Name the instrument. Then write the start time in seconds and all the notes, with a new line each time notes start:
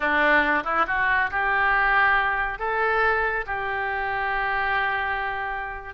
oboe
0.00 D4
0.64 E4
0.87 F#4
1.30 G4
2.58 A4
3.46 G4